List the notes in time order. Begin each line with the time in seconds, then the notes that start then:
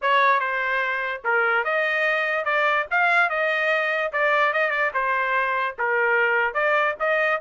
0.01 C#5
0.39 C5
1.24 A#4
1.64 D#5
2.44 D5
2.90 F5
3.29 D#5
4.12 D5
4.53 D#5
4.70 D5
4.94 C5
5.78 A#4
6.53 D5
6.99 D#5